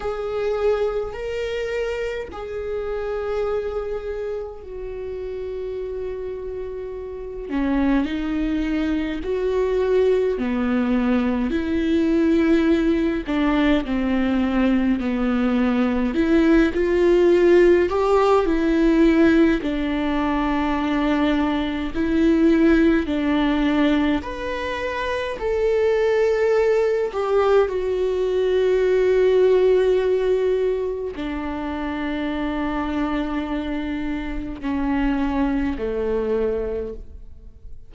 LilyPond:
\new Staff \with { instrumentName = "viola" } { \time 4/4 \tempo 4 = 52 gis'4 ais'4 gis'2 | fis'2~ fis'8 cis'8 dis'4 | fis'4 b4 e'4. d'8 | c'4 b4 e'8 f'4 g'8 |
e'4 d'2 e'4 | d'4 b'4 a'4. g'8 | fis'2. d'4~ | d'2 cis'4 a4 | }